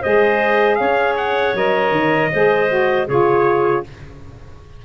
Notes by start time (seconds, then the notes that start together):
0.00 G#3 G#4 C5 D#5
0.75 C#4 C#5 F5
1.17 F#5
1.54 F#3 A#4 D#5
1.91 D#3
2.31 G#3 G#4 C5
2.68 F#4
3.07 C#3 F4 G#4 C#5